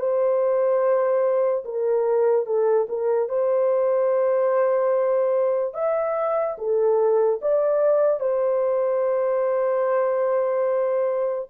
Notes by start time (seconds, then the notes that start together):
0.00 C5
1.65 A#4
2.46 A4
2.89 A#4
3.29 C5
5.74 E5
6.58 A4
7.42 D5
8.20 C5